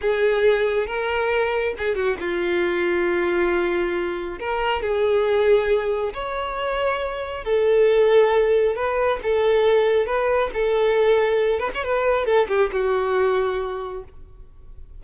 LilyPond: \new Staff \with { instrumentName = "violin" } { \time 4/4 \tempo 4 = 137 gis'2 ais'2 | gis'8 fis'8 f'2.~ | f'2 ais'4 gis'4~ | gis'2 cis''2~ |
cis''4 a'2. | b'4 a'2 b'4 | a'2~ a'8 b'16 cis''16 b'4 | a'8 g'8 fis'2. | }